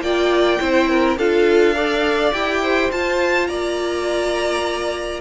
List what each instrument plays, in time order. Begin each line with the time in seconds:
0.00 cello A#3, viola F4, violin D5 G5
0.59 cello C4, viola E4, violin C5
0.89 violin A#4
1.17 cello D4, viola F4, violin A4 F5
1.75 viola A4, violin D5
2.33 cello E4, viola G4, violin G5
2.62 violin C5
2.91 cello F4, viola F4, violin A5
3.47 cello A#3, violin D5 A#5